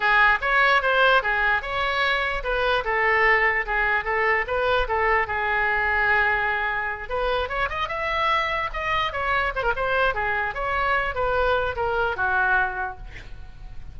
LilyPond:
\new Staff \with { instrumentName = "oboe" } { \time 4/4 \tempo 4 = 148 gis'4 cis''4 c''4 gis'4 | cis''2 b'4 a'4~ | a'4 gis'4 a'4 b'4 | a'4 gis'2.~ |
gis'4. b'4 cis''8 dis''8 e''8~ | e''4. dis''4 cis''4 c''16 ais'16 | c''4 gis'4 cis''4. b'8~ | b'4 ais'4 fis'2 | }